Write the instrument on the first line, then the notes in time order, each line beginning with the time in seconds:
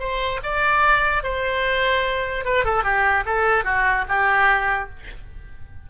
oboe
0.00 C5
0.43 D5
1.23 C5
2.45 B4
2.65 A4
2.84 G4
3.26 A4
3.65 F#4
4.09 G4